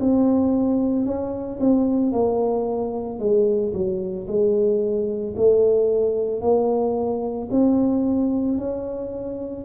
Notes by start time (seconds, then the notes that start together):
0.00 C4
1.06 C#4
1.60 C4
2.12 A#3
3.19 G#3
3.74 F#3
4.28 G#3
5.37 A3
6.41 A#3
7.51 C4
8.59 C#4